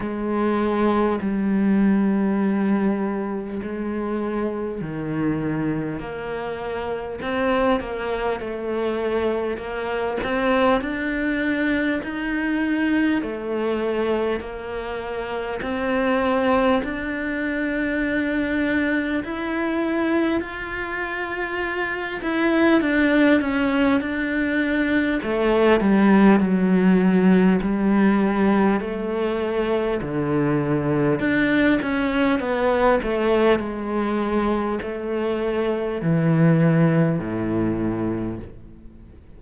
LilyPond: \new Staff \with { instrumentName = "cello" } { \time 4/4 \tempo 4 = 50 gis4 g2 gis4 | dis4 ais4 c'8 ais8 a4 | ais8 c'8 d'4 dis'4 a4 | ais4 c'4 d'2 |
e'4 f'4. e'8 d'8 cis'8 | d'4 a8 g8 fis4 g4 | a4 d4 d'8 cis'8 b8 a8 | gis4 a4 e4 a,4 | }